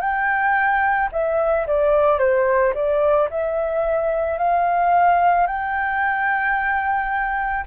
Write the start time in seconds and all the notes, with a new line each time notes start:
0.00 G5
1.12 E5
1.67 D5
2.19 C5
2.74 D5
3.30 E5
4.38 F5
5.46 G5